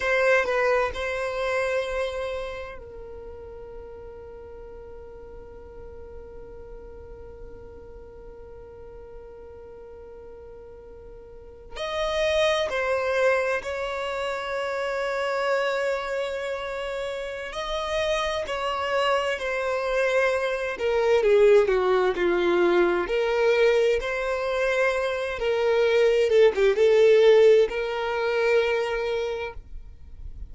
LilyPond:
\new Staff \with { instrumentName = "violin" } { \time 4/4 \tempo 4 = 65 c''8 b'8 c''2 ais'4~ | ais'1~ | ais'1~ | ais'8. dis''4 c''4 cis''4~ cis''16~ |
cis''2. dis''4 | cis''4 c''4. ais'8 gis'8 fis'8 | f'4 ais'4 c''4. ais'8~ | ais'8 a'16 g'16 a'4 ais'2 | }